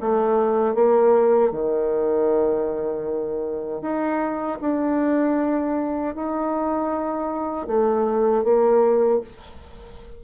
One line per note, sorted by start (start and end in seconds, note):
0.00 0.74 A3
0.74 1.51 A#3
1.51 3.81 D#3
3.81 4.58 D#4
4.61 6.15 D4
6.15 7.67 D#4
7.67 8.44 A3
8.44 9.21 A#3